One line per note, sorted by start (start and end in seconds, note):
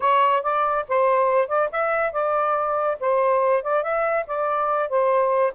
0.00 0.42 C#5
0.42 0.85 D5
0.88 1.48 C5
1.48 1.69 D5
1.71 2.12 E5
2.12 2.97 D5
2.99 3.62 C5
3.62 3.83 D5
3.83 4.25 E5
4.26 4.89 D5
4.89 5.52 C5